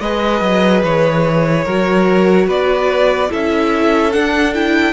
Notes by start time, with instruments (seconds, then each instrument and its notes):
0.00 cello G#3, viola G#4, violin B4 D#5
0.41 cello F#3
0.83 cello E3, violin C#5
1.65 cello F#3, viola F#4, violin A#4
2.47 cello B3, violin B4 D5
3.29 cello C#4, viola E4, violin A4 E5
4.12 viola D4, cello D4, violin F#5
4.54 viola E4, violin G5